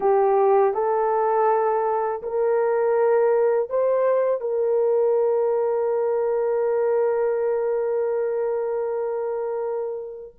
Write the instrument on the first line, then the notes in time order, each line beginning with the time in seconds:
horn
0.00 G4
0.73 A4
2.22 A#4
3.69 C5
4.41 A#4